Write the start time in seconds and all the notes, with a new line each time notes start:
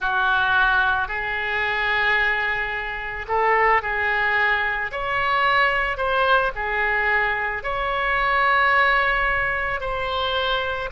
0.00 F#4
1.08 G#4
3.27 A4
3.82 G#4
4.91 C#5
5.97 C5
6.55 G#4
7.63 C#5
9.80 C5